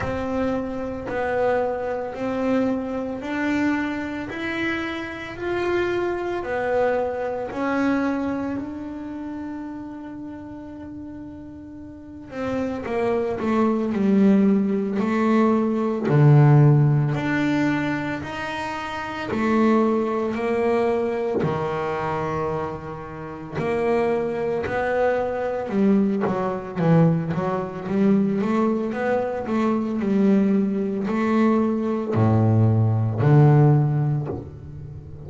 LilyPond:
\new Staff \with { instrumentName = "double bass" } { \time 4/4 \tempo 4 = 56 c'4 b4 c'4 d'4 | e'4 f'4 b4 cis'4 | d'2.~ d'8 c'8 | ais8 a8 g4 a4 d4 |
d'4 dis'4 a4 ais4 | dis2 ais4 b4 | g8 fis8 e8 fis8 g8 a8 b8 a8 | g4 a4 a,4 d4 | }